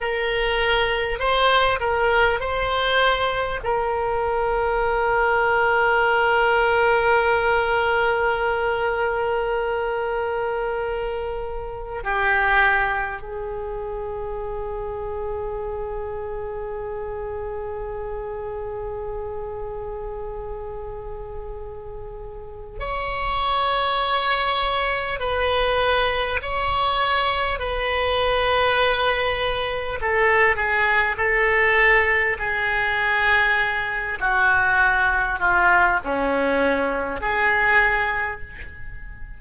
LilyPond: \new Staff \with { instrumentName = "oboe" } { \time 4/4 \tempo 4 = 50 ais'4 c''8 ais'8 c''4 ais'4~ | ais'1~ | ais'2 g'4 gis'4~ | gis'1~ |
gis'2. cis''4~ | cis''4 b'4 cis''4 b'4~ | b'4 a'8 gis'8 a'4 gis'4~ | gis'8 fis'4 f'8 cis'4 gis'4 | }